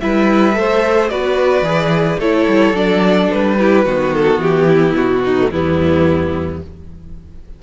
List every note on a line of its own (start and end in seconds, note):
0.00 0.57 G3
0.00 0.53 E4
0.00 0.58 B4
0.00 1.09 E5
0.53 1.11 A3
0.53 1.08 A4
0.53 1.11 C5
1.09 1.62 B3
1.09 1.64 F#4
1.09 2.19 B4
1.09 2.19 D5
1.62 2.17 E3
1.62 2.19 G#4
2.18 2.46 A3
2.18 2.74 E4
2.18 3.57 A4
2.18 2.76 C#5
2.47 2.73 G3
2.73 3.28 F#3
2.73 3.57 D4
2.73 3.31 D5
3.31 3.86 G3
3.31 4.13 B4
3.59 3.86 E4
3.59 3.85 G4
3.85 4.38 D#3
3.85 5.37 B3
3.85 4.67 F#4
4.13 4.41 A4
4.38 4.93 E3
4.38 4.96 G4
4.67 5.22 E4
4.95 5.50 B2
4.95 5.51 F#4
5.24 5.52 D#4
5.40 5.52 A3
5.51 6.61 E2
5.51 6.62 G3
5.51 6.62 B3
5.51 6.61 E4